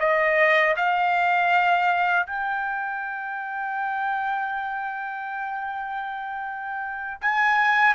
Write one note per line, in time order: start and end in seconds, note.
0.00 0.76 D#5
0.77 2.26 F5
2.26 7.20 G5
7.22 7.95 G#5